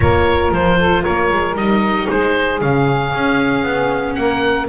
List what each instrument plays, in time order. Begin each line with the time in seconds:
0.00 double bass A#3, viola F4, saxophone A#4, oboe C#5
0.51 double bass F3, oboe C5
0.79 saxophone A4
1.02 double bass A#3, saxophone A#4, oboe C#5
1.30 double bass G#3
1.55 double bass G3, viola D#4, oboe D#5
2.09 double bass G#3, saxophone G#4, oboe C5
2.60 double bass C#3, viola C#4, oboe F5
3.13 double bass C#4
3.63 double bass B3
4.14 double bass A#3, saxophone A#4, oboe F#5